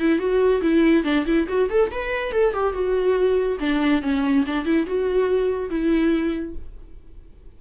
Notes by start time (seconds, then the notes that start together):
0.00 E4
0.19 F#4
0.62 E4
1.04 D4
1.26 E4
1.48 F#4
1.70 A4
1.91 B4
2.32 A4
2.54 G4
2.73 F#4
3.60 D4
4.03 C#4
4.47 D4
4.66 E4
4.87 F#4
5.70 E4